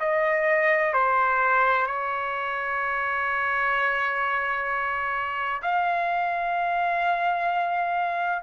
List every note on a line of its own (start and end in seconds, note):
0.00 0.93 D#5
0.93 1.87 C5
1.87 5.62 C#5
5.62 8.43 F5